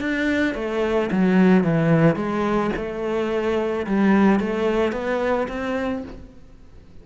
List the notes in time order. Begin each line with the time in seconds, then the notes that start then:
0.00 D4
0.55 A3
1.11 F#3
1.64 E3
2.15 G#3
2.76 A3
3.87 G3
4.40 A3
4.92 B3
5.48 C4